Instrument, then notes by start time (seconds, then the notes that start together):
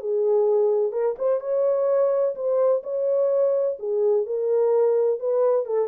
horn
0.00 G#4
0.92 A#4
1.18 C5
1.40 C#5
2.35 C5
2.83 C#5
3.79 G#4
4.26 A#4
5.20 B4
5.65 A4